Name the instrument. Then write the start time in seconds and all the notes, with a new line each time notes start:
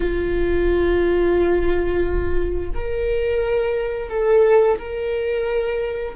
viola
0.00 F4
2.74 A#4
4.09 A4
4.78 A#4